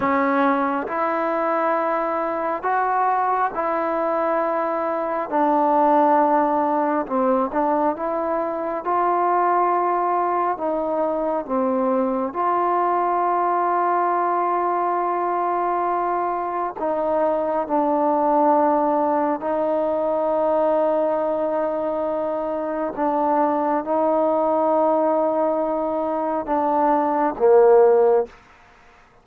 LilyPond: \new Staff \with { instrumentName = "trombone" } { \time 4/4 \tempo 4 = 68 cis'4 e'2 fis'4 | e'2 d'2 | c'8 d'8 e'4 f'2 | dis'4 c'4 f'2~ |
f'2. dis'4 | d'2 dis'2~ | dis'2 d'4 dis'4~ | dis'2 d'4 ais4 | }